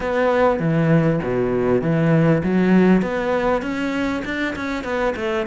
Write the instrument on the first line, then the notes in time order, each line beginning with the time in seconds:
cello
0.00 B3
0.59 E3
1.23 B2
1.81 E3
2.43 F#3
3.02 B3
3.62 C#4
4.24 D4
4.55 C#4
4.83 B3
5.16 A3